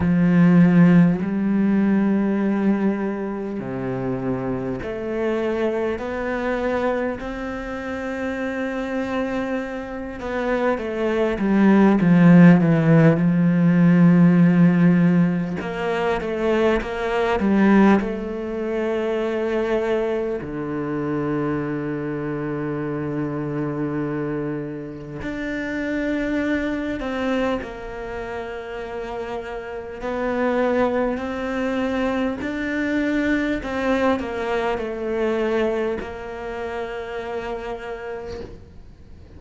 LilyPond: \new Staff \with { instrumentName = "cello" } { \time 4/4 \tempo 4 = 50 f4 g2 c4 | a4 b4 c'2~ | c'8 b8 a8 g8 f8 e8 f4~ | f4 ais8 a8 ais8 g8 a4~ |
a4 d2.~ | d4 d'4. c'8 ais4~ | ais4 b4 c'4 d'4 | c'8 ais8 a4 ais2 | }